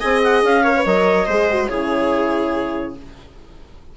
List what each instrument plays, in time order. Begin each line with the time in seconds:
0.00 bassoon C4, horn G#4, viola D#5, clarinet G#5
0.23 clarinet F#5
0.43 bassoon C#4, clarinet F5
0.63 horn A#4, viola C#5
0.76 horn B4
0.85 bassoon F#3, horn A#4, clarinet D#5
1.26 bassoon G#3, horn G#4, viola C5
1.50 horn F#4
1.69 bassoon C#3, horn E4, viola G#4, clarinet C#5